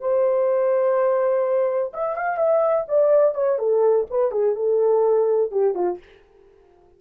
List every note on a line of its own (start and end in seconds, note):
0.00 1.92 C5
1.93 2.16 E5
2.16 2.38 F5
2.38 2.86 E5
2.88 3.35 D5
3.35 3.58 C#5
3.58 4.06 A4
4.10 4.31 B4
4.31 4.55 G#4
4.55 5.51 A4
5.51 5.75 G4
5.75 5.99 F4